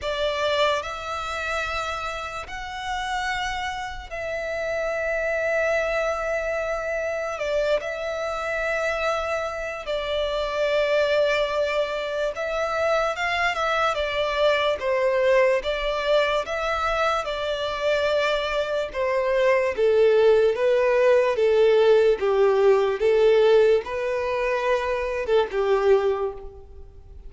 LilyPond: \new Staff \with { instrumentName = "violin" } { \time 4/4 \tempo 4 = 73 d''4 e''2 fis''4~ | fis''4 e''2.~ | e''4 d''8 e''2~ e''8 | d''2. e''4 |
f''8 e''8 d''4 c''4 d''4 | e''4 d''2 c''4 | a'4 b'4 a'4 g'4 | a'4 b'4.~ b'16 a'16 g'4 | }